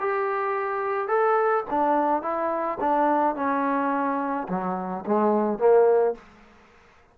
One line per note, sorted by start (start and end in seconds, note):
0.00 1.08 G4
1.08 1.64 A4
1.70 2.23 D4
2.23 2.79 E4
2.80 3.36 D4
3.36 4.48 C#4
4.49 5.05 F#3
5.06 5.59 G#3
5.59 6.15 A#3